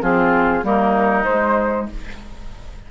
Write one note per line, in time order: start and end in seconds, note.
0.00 0.63 F3
0.00 0.62 C4
0.00 0.64 F4
0.00 0.64 G#4
0.62 1.25 G3
0.62 1.24 A#3
0.62 1.91 D#4
0.62 1.24 A#4
1.24 1.89 G#3
1.24 1.91 G#3
1.24 1.86 C5